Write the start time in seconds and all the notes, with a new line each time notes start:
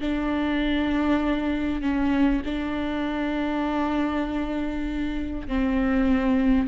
0.00 D4
1.81 C#4
2.45 D4
5.48 C4